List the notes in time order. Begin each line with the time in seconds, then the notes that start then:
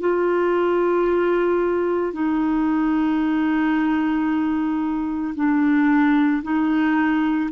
0.00 F4
2.13 D#4
5.35 D4
6.43 D#4